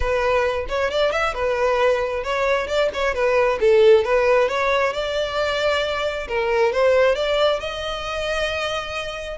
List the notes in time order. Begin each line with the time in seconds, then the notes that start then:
0.00 B4
0.68 C#5
0.90 D5
1.11 E5
1.34 B4
2.23 C#5
2.67 D5
2.93 C#5
3.14 B4
3.60 A4
4.04 B4
4.48 C#5
4.93 D5
6.28 A#4
6.72 C5
7.15 D5
7.60 D#5